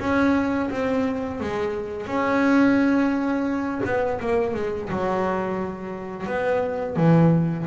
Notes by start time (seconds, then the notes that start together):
0.00 C#4
0.70 C4
1.40 G#3
2.07 C#4
3.85 B3
4.21 A#3
4.54 G#3
4.89 F#3
6.27 B3
6.96 E3